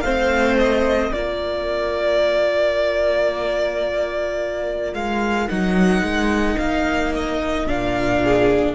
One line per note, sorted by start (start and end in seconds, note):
0.00 1.10 A3
0.00 1.14 C4
0.00 1.12 C5
0.00 0.55 F5
0.58 1.12 D#5
1.12 4.93 A#3
1.12 5.49 F4
1.12 8.21 A#4
1.12 4.94 D5
4.93 5.48 G#3
4.93 5.48 F5
5.49 6.01 F#3
5.49 7.67 D#4
5.49 6.58 F#5
6.01 6.56 G#3
6.58 7.66 A#3
6.58 7.12 F5
7.15 7.68 D#5
7.66 8.75 A#2
7.66 8.75 D4
7.66 8.75 F5
8.24 8.75 G#4